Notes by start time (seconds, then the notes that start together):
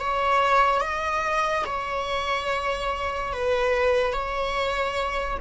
0.00 C#5
0.81 D#5
1.66 C#5
3.32 B4
4.13 C#5